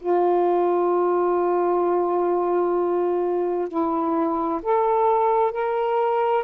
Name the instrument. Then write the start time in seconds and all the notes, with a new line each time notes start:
saxophone
0.00 F4
3.69 E4
4.63 A4
5.52 A#4